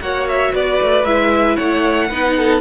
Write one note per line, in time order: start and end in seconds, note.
0.00 0.53 A#3
0.00 1.04 F#4
0.00 0.53 C#5
0.00 0.27 F#5
0.28 0.55 E5
0.53 0.80 B3
0.53 1.56 B4
0.53 1.05 D5
0.81 1.05 A3
1.05 1.57 G#3
1.05 2.11 E4
1.05 1.56 E5
1.56 2.11 A3
1.56 2.08 C#5
1.56 2.61 F#5
2.09 2.61 B3
2.09 2.61 D#4
2.09 2.35 B4
2.37 2.61 A4